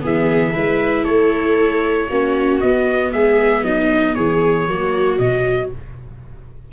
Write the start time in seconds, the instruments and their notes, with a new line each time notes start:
0.00 tuba E3, viola B3 G#4, trumpet E5
0.53 tuba G#3, viola E4 B4
1.03 tuba A3, viola A4, trumpet C#5
2.08 tuba A#3, viola C#4 F#4
2.60 tuba B3, viola B3, trumpet D#5
3.12 tuba G#3, viola G#4, trumpet E5
3.62 tuba F#3, viola D#4, trumpet D#5
4.14 tuba E3, viola G#4, trumpet C#5
4.67 tuba F#3, viola A#3 F#4
5.18 tuba B2, viola F#3, trumpet D#5